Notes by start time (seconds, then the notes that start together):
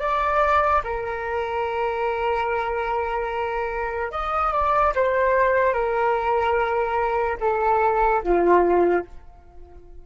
0.00 D5
0.84 A#4
4.12 D#5
4.53 D5
4.95 C5
5.73 A#4
7.40 A4
8.23 F4